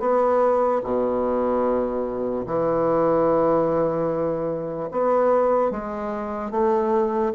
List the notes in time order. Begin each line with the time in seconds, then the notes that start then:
0.00 B3
0.84 B2
2.46 E3
4.92 B3
5.71 G#3
6.51 A3